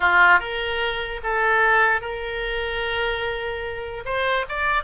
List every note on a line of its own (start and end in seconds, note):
0.00 0.39 F4
0.39 1.21 A#4
1.23 2.01 A4
2.01 4.03 A#4
4.05 4.45 C5
4.48 4.83 D5